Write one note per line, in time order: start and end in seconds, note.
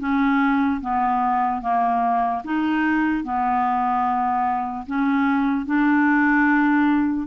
0.00 0.81 C#4
0.81 1.62 B3
1.62 2.43 A#3
2.45 3.24 D#4
3.24 4.86 B3
4.87 5.66 C#4
5.66 7.28 D4